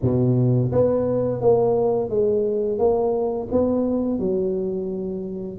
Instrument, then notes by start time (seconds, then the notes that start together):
tuba
0.02 B2
0.72 B3
1.41 A#3
2.09 G#3
2.78 A#3
3.51 B3
4.19 F#3